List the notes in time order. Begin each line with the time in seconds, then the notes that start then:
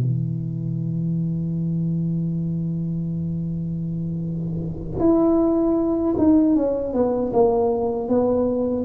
0.00 E3
4.99 E4
6.18 D#4
6.56 C#4
6.93 B3
7.33 A#3
8.08 B3